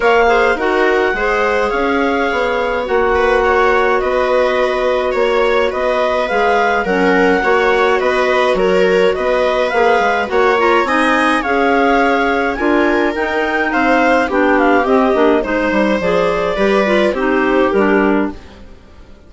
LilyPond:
<<
  \new Staff \with { instrumentName = "clarinet" } { \time 4/4 \tempo 4 = 105 f''4 fis''2 f''4~ | f''4 fis''2 dis''4~ | dis''4 cis''4 dis''4 f''4 | fis''2 dis''4 cis''4 |
dis''4 f''4 fis''8 ais''8 gis''4 | f''2 gis''4 g''4 | f''4 g''8 f''8 dis''4 c''4 | d''2 c''4 ais'4 | }
  \new Staff \with { instrumentName = "viola" } { \time 4/4 cis''8 c''8 ais'4 c''4 cis''4~ | cis''4. b'8 cis''4 b'4~ | b'4 cis''4 b'2 | ais'4 cis''4 b'4 ais'4 |
b'2 cis''4 dis''4 | cis''2 ais'2 | c''4 g'2 c''4~ | c''4 b'4 g'2 | }
  \new Staff \with { instrumentName = "clarinet" } { \time 4/4 ais'8 gis'8 fis'4 gis'2~ | gis'4 fis'2.~ | fis'2. gis'4 | cis'4 fis'2.~ |
fis'4 gis'4 fis'8 f'8 dis'4 | gis'2 f'4 dis'4~ | dis'4 d'4 c'8 d'8 dis'4 | gis'4 g'8 f'8 dis'4 d'4 | }
  \new Staff \with { instrumentName = "bassoon" } { \time 4/4 ais4 dis'4 gis4 cis'4 | b4 ais2 b4~ | b4 ais4 b4 gis4 | fis4 ais4 b4 fis4 |
b4 ais8 gis8 ais4 c'4 | cis'2 d'4 dis'4 | c'4 b4 c'8 ais8 gis8 g8 | f4 g4 c'4 g4 | }
>>